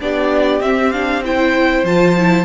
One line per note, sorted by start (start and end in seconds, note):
0.00 0.60 B3
0.00 0.60 D4
0.00 1.23 G4
0.00 0.62 D5
0.60 0.91 C4
0.60 1.83 C4
0.60 0.91 E5
0.91 1.23 D4
0.91 1.22 F5
1.23 1.85 E4
1.23 2.45 C5
1.23 1.85 G5
1.83 2.45 F3
1.83 2.16 F4
1.83 2.45 A5
2.17 2.45 E4